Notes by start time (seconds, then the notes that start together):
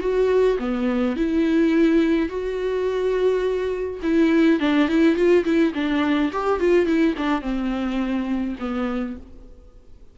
0.00 F#4
0.59 B3
1.16 E4
2.29 F#4
4.02 E4
4.60 D4
4.88 E4
5.16 F4
5.44 E4
5.74 D4
6.32 G4
6.60 F4
6.86 E4
7.17 D4
7.42 C4
8.59 B3